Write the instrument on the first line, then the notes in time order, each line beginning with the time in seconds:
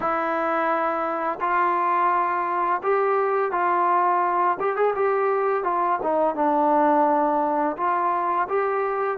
trombone
0.00 E4
1.40 F4
2.82 G4
3.51 F4
4.59 G4
4.76 G#4
4.95 G4
5.63 F4
6.02 D#4
6.35 D4
7.77 F4
8.49 G4